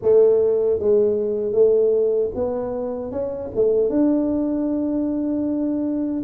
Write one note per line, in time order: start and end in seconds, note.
0.01 0.79 A3
0.79 1.52 G#3
1.52 2.30 A3
2.34 3.11 B3
3.11 3.50 C#4
3.55 3.89 A3
3.89 6.23 D4